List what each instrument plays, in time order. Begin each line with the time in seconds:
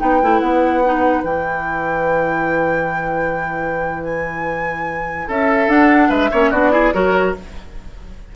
0.00 bassoon B3, clarinet D#4, oboe B4, flute G5
0.22 bassoon A3, clarinet E4
0.40 bassoon B3, flute F#5
0.85 clarinet D#4
1.24 bassoon E3, clarinet E4, flute G5
4.04 flute G#5
5.28 bassoon C#4, oboe A4, flute E5
5.68 bassoon D4, clarinet D4, flute F#5
6.09 bassoon G#3, oboe B4, flute E5
6.32 bassoon A#3, clarinet C#4, oboe C#5
6.51 bassoon B3, clarinet D4, oboe F#4, flute D5
6.72 clarinet E4, oboe G#4
6.93 bassoon F#3, clarinet F#4, oboe A#4, flute C#5